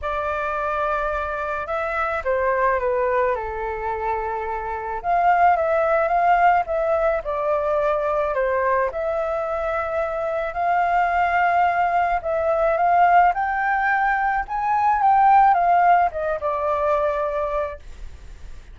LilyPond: \new Staff \with { instrumentName = "flute" } { \time 4/4 \tempo 4 = 108 d''2. e''4 | c''4 b'4 a'2~ | a'4 f''4 e''4 f''4 | e''4 d''2 c''4 |
e''2. f''4~ | f''2 e''4 f''4 | g''2 gis''4 g''4 | f''4 dis''8 d''2~ d''8 | }